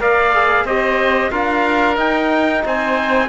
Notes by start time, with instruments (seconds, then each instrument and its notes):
0.00 cello A#3, trombone A#4, oboe D5, trumpet F5
0.35 trombone G#4
0.65 cello C4, trombone G4, oboe C5, trumpet D#5
1.31 cello D4, trombone F4, oboe A#4, trumpet F5
1.96 trombone D#4, cello D#4, trumpet G5
2.66 cello C4, oboe C5, trumpet G#5